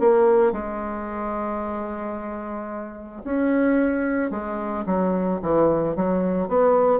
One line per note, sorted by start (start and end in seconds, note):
0.00 0.52 A#3
0.52 3.23 G#3
3.24 4.31 C#4
4.31 4.85 G#3
4.86 5.40 F#3
5.42 5.96 E3
5.96 6.48 F#3
6.48 7.00 B3